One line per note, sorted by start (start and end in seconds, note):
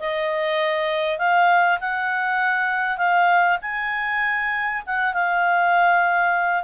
0.00 1.18 D#5
1.18 1.79 F5
1.80 2.98 F#5
2.98 3.58 F5
3.62 4.83 G#5
4.87 5.14 F#5
5.14 6.64 F5